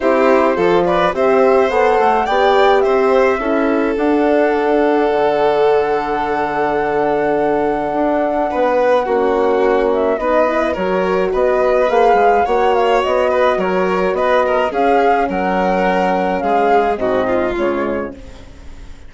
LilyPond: <<
  \new Staff \with { instrumentName = "flute" } { \time 4/4 \tempo 4 = 106 c''4. d''8 e''4 fis''4 | g''4 e''2 fis''4~ | fis''1~ | fis''1~ |
fis''4. e''8 dis''4 cis''4 | dis''4 f''4 fis''8 f''8 dis''4 | cis''4 dis''4 f''4 fis''4~ | fis''4 f''4 dis''4 cis''4 | }
  \new Staff \with { instrumentName = "violin" } { \time 4/4 g'4 a'8 b'8 c''2 | d''4 c''4 a'2~ | a'1~ | a'2. b'4 |
fis'2 b'4 ais'4 | b'2 cis''4. b'8 | ais'4 b'8 ais'8 gis'4 ais'4~ | ais'4 gis'4 fis'8 f'4. | }
  \new Staff \with { instrumentName = "horn" } { \time 4/4 e'4 f'4 g'4 a'4 | g'2 e'4 d'4~ | d'1~ | d'1 |
cis'2 dis'8 e'8 fis'4~ | fis'4 gis'4 fis'2~ | fis'2 cis'2~ | cis'2 c'4 gis4 | }
  \new Staff \with { instrumentName = "bassoon" } { \time 4/4 c'4 f4 c'4 b8 a8 | b4 c'4 cis'4 d'4~ | d'4 d2.~ | d2 d'4 b4 |
ais2 b4 fis4 | b4 ais8 gis8 ais4 b4 | fis4 b4 cis'4 fis4~ | fis4 gis4 gis,4 cis4 | }
>>